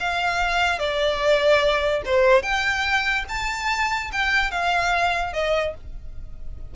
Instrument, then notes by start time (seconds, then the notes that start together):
violin
0.00 F5
0.79 D5
2.06 C5
2.43 G5
3.29 A5
4.12 G5
4.51 F5
5.33 D#5